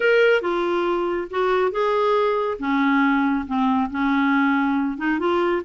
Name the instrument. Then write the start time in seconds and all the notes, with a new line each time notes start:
clarinet
0.00 A#4
0.41 F4
1.30 F#4
1.71 G#4
2.59 C#4
3.46 C4
3.90 C#4
4.97 D#4
5.19 F4